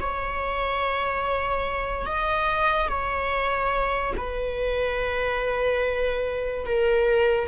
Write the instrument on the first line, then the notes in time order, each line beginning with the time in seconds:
viola
0.00 C#5
2.06 D#5
2.88 C#5
4.17 B4
6.66 A#4